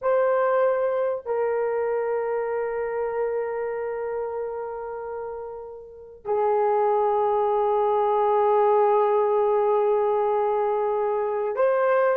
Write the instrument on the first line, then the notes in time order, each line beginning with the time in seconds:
horn
0.01 C5
1.25 A#4
6.24 G#4
11.55 C5